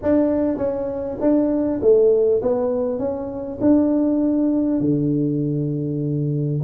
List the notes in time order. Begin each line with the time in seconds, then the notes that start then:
0.02 D4
0.57 C#4
1.20 D4
1.81 A3
2.42 B3
2.98 C#4
3.61 D4
4.80 D3